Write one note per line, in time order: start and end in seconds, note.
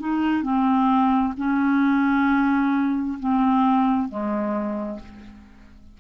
0.00 0.43 D#4
0.43 1.34 C4
1.37 3.19 C#4
3.19 4.09 C4
4.09 5.00 G#3